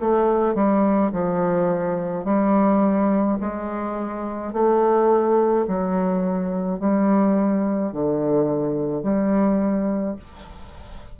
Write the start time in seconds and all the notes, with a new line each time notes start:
0.00 A3
0.55 G3
1.12 F3
2.24 G3
3.41 G#3
4.53 A3
5.67 F#3
6.79 G3
7.92 D3
9.03 G3